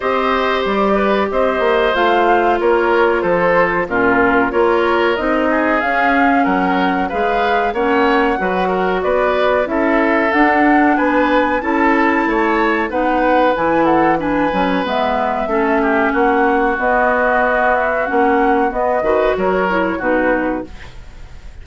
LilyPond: <<
  \new Staff \with { instrumentName = "flute" } { \time 4/4 \tempo 4 = 93 dis''4 d''4 dis''4 f''4 | cis''4 c''4 ais'4 cis''4 | dis''4 f''4 fis''4 f''4 | fis''2 d''4 e''4 |
fis''4 gis''4 a''2 | fis''4 gis''8 fis''8 gis''4 e''4~ | e''4 fis''4 dis''4. e''8 | fis''4 dis''4 cis''4 b'4 | }
  \new Staff \with { instrumentName = "oboe" } { \time 4/4 c''4. b'8 c''2 | ais'4 a'4 f'4 ais'4~ | ais'8 gis'4. ais'4 b'4 | cis''4 b'8 ais'8 b'4 a'4~ |
a'4 b'4 a'4 cis''4 | b'4. a'8 b'2 | a'8 g'8 fis'2.~ | fis'4. b'8 ais'4 fis'4 | }
  \new Staff \with { instrumentName = "clarinet" } { \time 4/4 g'2. f'4~ | f'2 cis'4 f'4 | dis'4 cis'2 gis'4 | cis'4 fis'2 e'4 |
d'2 e'2 | dis'4 e'4 d'8 cis'8 b4 | cis'2 b2 | cis'4 b8 fis'4 e'8 dis'4 | }
  \new Staff \with { instrumentName = "bassoon" } { \time 4/4 c'4 g4 c'8 ais8 a4 | ais4 f4 ais,4 ais4 | c'4 cis'4 fis4 gis4 | ais4 fis4 b4 cis'4 |
d'4 b4 cis'4 a4 | b4 e4. fis8 gis4 | a4 ais4 b2 | ais4 b8 dis8 fis4 b,4 | }
>>